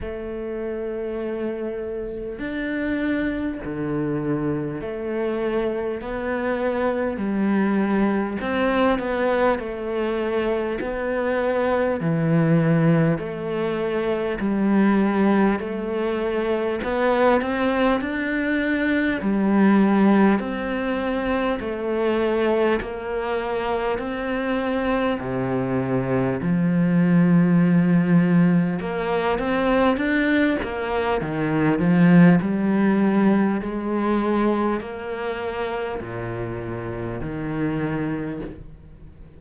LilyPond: \new Staff \with { instrumentName = "cello" } { \time 4/4 \tempo 4 = 50 a2 d'4 d4 | a4 b4 g4 c'8 b8 | a4 b4 e4 a4 | g4 a4 b8 c'8 d'4 |
g4 c'4 a4 ais4 | c'4 c4 f2 | ais8 c'8 d'8 ais8 dis8 f8 g4 | gis4 ais4 ais,4 dis4 | }